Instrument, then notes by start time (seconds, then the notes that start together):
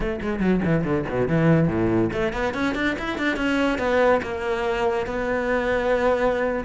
cello
0.00 A3
0.21 G#3
0.39 F#3
0.65 E3
0.84 D3
1.09 B2
1.28 E3
1.68 A2
2.12 A3
2.33 B3
2.54 C#4
2.75 D4
2.98 E4
3.17 D4
3.36 C#4
3.78 B3
4.22 A#3
5.06 B3